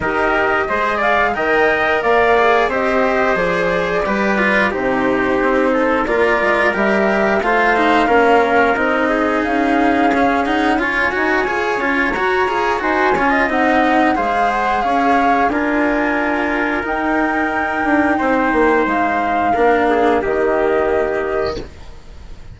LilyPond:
<<
  \new Staff \with { instrumentName = "flute" } { \time 4/4 \tempo 4 = 89 dis''4. f''8 g''4 f''4 | dis''4 d''2 c''4~ | c''4 d''4 e''4 f''4~ | f''4 dis''4 f''4. fis''8 |
gis''2 ais''4 gis''4 | fis''4 f''8 fis''8 f''4 gis''4~ | gis''4 g''2. | f''2 dis''2 | }
  \new Staff \with { instrumentName = "trumpet" } { \time 4/4 ais'4 c''8 d''8 dis''4 d''4 | c''2 b'4 g'4~ | g'8 a'8 ais'2 c''4 | ais'4. gis'2~ gis'8 |
cis''2. c''8 cis''16 dis''16~ | dis''4 c''4 cis''4 ais'4~ | ais'2. c''4~ | c''4 ais'8 gis'8 g'2 | }
  \new Staff \with { instrumentName = "cello" } { \time 4/4 g'4 gis'4 ais'4. gis'8 | g'4 gis'4 g'8 f'8 dis'4~ | dis'4 f'4 g'4 f'8 dis'8 | cis'4 dis'2 cis'8 dis'8 |
f'8 fis'8 gis'8 f'8 fis'8 gis'8 fis'8 f'8 | dis'4 gis'2 f'4~ | f'4 dis'2.~ | dis'4 d'4 ais2 | }
  \new Staff \with { instrumentName = "bassoon" } { \time 4/4 dis'4 gis4 dis4 ais4 | c'4 f4 g4 c4 | c'4 ais8 gis8 g4 a4 | ais4 c'4 cis'2~ |
cis'8 dis'8 f'8 cis'8 fis'8 f'8 dis'8 cis'8 | c'4 gis4 cis'4 d'4~ | d'4 dis'4. d'8 c'8 ais8 | gis4 ais4 dis2 | }
>>